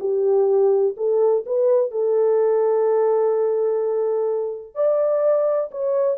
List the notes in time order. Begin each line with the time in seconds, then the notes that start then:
0.00 G4
0.97 A4
1.46 B4
1.91 A4
4.75 D5
5.71 C#5